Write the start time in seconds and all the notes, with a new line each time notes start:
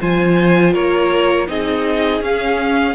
0.00 F3 F4 C5 G#5
0.73 A#3 A#4 C#5
1.47 C4 D#4 G#4 D#5
2.20 C#4 F5